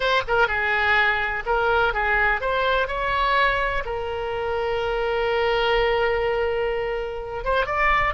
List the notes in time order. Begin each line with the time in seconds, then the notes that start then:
0.00 C5
0.27 A#4
0.47 G#4
1.45 A#4
1.93 G#4
2.40 C5
2.87 C#5
3.85 A#4
7.44 C5
7.65 D5